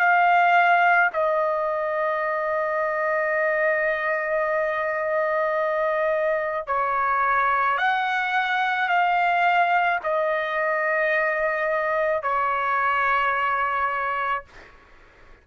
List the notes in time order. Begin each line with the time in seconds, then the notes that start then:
0.00 F5
1.14 D#5
6.68 C#5
7.78 F#5
8.89 F5
10.04 D#5
12.23 C#5